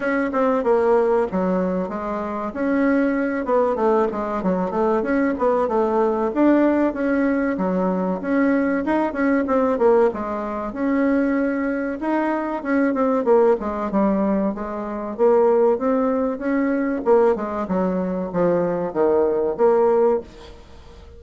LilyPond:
\new Staff \with { instrumentName = "bassoon" } { \time 4/4 \tempo 4 = 95 cis'8 c'8 ais4 fis4 gis4 | cis'4. b8 a8 gis8 fis8 a8 | cis'8 b8 a4 d'4 cis'4 | fis4 cis'4 dis'8 cis'8 c'8 ais8 |
gis4 cis'2 dis'4 | cis'8 c'8 ais8 gis8 g4 gis4 | ais4 c'4 cis'4 ais8 gis8 | fis4 f4 dis4 ais4 | }